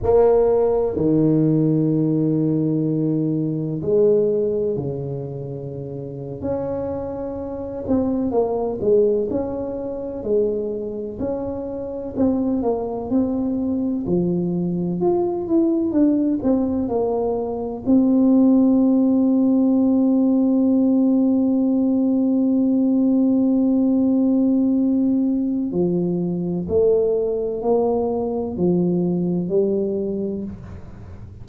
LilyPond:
\new Staff \with { instrumentName = "tuba" } { \time 4/4 \tempo 4 = 63 ais4 dis2. | gis4 cis4.~ cis16 cis'4~ cis'16~ | cis'16 c'8 ais8 gis8 cis'4 gis4 cis'16~ | cis'8. c'8 ais8 c'4 f4 f'16~ |
f'16 e'8 d'8 c'8 ais4 c'4~ c'16~ | c'1~ | c'2. f4 | a4 ais4 f4 g4 | }